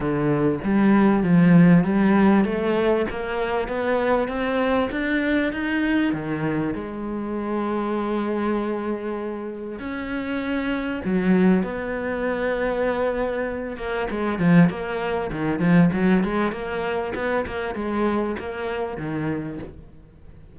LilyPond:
\new Staff \with { instrumentName = "cello" } { \time 4/4 \tempo 4 = 98 d4 g4 f4 g4 | a4 ais4 b4 c'4 | d'4 dis'4 dis4 gis4~ | gis1 |
cis'2 fis4 b4~ | b2~ b8 ais8 gis8 f8 | ais4 dis8 f8 fis8 gis8 ais4 | b8 ais8 gis4 ais4 dis4 | }